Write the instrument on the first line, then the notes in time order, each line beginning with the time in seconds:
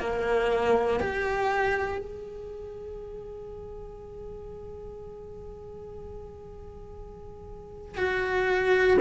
cello
0.00 A#3
1.00 G4
1.98 G#4
7.97 F#4